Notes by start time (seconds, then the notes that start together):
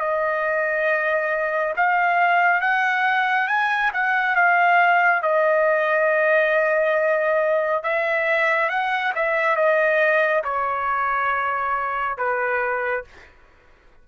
0.00 D#5
1.76 F5
2.60 F#5
3.47 G#5
3.93 F#5
4.35 F5
5.22 D#5
7.83 E5
8.69 F#5
9.15 E5
9.56 D#5
10.44 C#5
12.17 B4